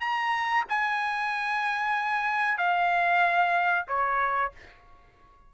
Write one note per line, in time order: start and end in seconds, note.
0.00 0.64 A#5
0.69 2.57 G#5
2.57 3.85 F5
3.88 4.51 C#5